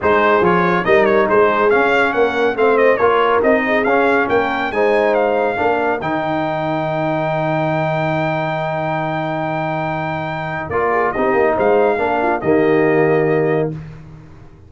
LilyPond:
<<
  \new Staff \with { instrumentName = "trumpet" } { \time 4/4 \tempo 4 = 140 c''4 cis''4 dis''8 cis''8 c''4 | f''4 fis''4 f''8 dis''8 cis''4 | dis''4 f''4 g''4 gis''4 | f''2 g''2~ |
g''1~ | g''1~ | g''4 d''4 dis''4 f''4~ | f''4 dis''2. | }
  \new Staff \with { instrumentName = "horn" } { \time 4/4 gis'2 ais'4 gis'4~ | gis'4 ais'4 c''4 ais'4~ | ais'8 gis'4. ais'4 c''4~ | c''4 ais'2.~ |
ais'1~ | ais'1~ | ais'4. gis'8 g'4 c''4 | ais'8 f'8 g'2. | }
  \new Staff \with { instrumentName = "trombone" } { \time 4/4 dis'4 f'4 dis'2 | cis'2 c'4 f'4 | dis'4 cis'2 dis'4~ | dis'4 d'4 dis'2~ |
dis'1~ | dis'1~ | dis'4 f'4 dis'2 | d'4 ais2. | }
  \new Staff \with { instrumentName = "tuba" } { \time 4/4 gis4 f4 g4 gis4 | cis'4 ais4 a4 ais4 | c'4 cis'4 ais4 gis4~ | gis4 ais4 dis2~ |
dis1~ | dis1~ | dis4 ais4 c'8 ais8 gis4 | ais4 dis2. | }
>>